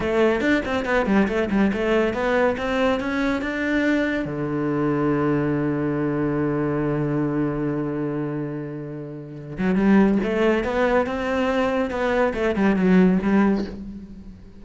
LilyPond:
\new Staff \with { instrumentName = "cello" } { \time 4/4 \tempo 4 = 141 a4 d'8 c'8 b8 g8 a8 g8 | a4 b4 c'4 cis'4 | d'2 d2~ | d1~ |
d1~ | d2~ d8 fis8 g4 | a4 b4 c'2 | b4 a8 g8 fis4 g4 | }